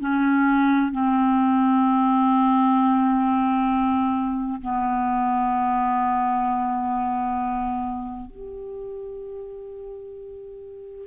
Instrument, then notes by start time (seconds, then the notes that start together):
clarinet
0.00 C#4
0.91 C4
4.62 B3
8.30 G4